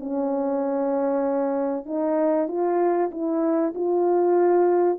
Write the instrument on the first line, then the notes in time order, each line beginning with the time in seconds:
horn
0.00 C#4
1.86 D#4
2.48 F4
3.12 E4
3.75 F4